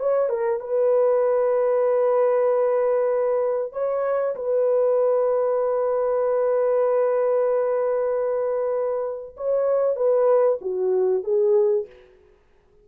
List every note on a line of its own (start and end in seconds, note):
0.00 0.30 C#5
0.30 0.60 A#4
0.60 3.73 B4
3.73 4.35 C#5
4.36 9.36 B4
9.37 9.96 C#5
9.96 10.59 B4
10.61 11.24 F#4
11.24 11.87 G#4